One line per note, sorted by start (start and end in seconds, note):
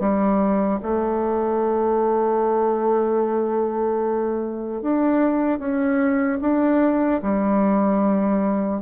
0.00 0.80 G3
0.83 4.82 A3
4.82 5.60 D4
5.60 6.40 C#4
6.41 7.21 D4
7.23 8.82 G3